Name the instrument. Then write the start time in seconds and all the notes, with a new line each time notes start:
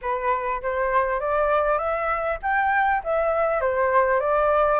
flute
0.01 B4
0.61 C5
1.20 D5
1.78 E5
2.42 G5
3.03 E5
3.60 C5
4.20 D5